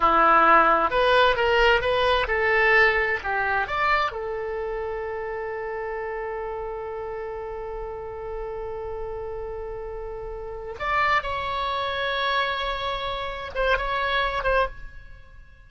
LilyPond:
\new Staff \with { instrumentName = "oboe" } { \time 4/4 \tempo 4 = 131 e'2 b'4 ais'4 | b'4 a'2 g'4 | d''4 a'2.~ | a'1~ |
a'1~ | a'2.~ a'8 d''8~ | d''8 cis''2.~ cis''8~ | cis''4. c''8 cis''4. c''8 | }